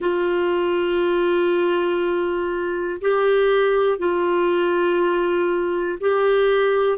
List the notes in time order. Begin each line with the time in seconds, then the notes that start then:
0.00 F4
3.00 G4
3.98 F4
6.00 G4